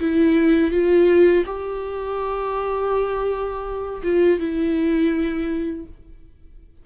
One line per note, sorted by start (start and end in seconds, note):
0.00 0.72 E4
0.72 1.45 F4
1.46 4.02 G4
4.04 4.40 F4
4.40 5.86 E4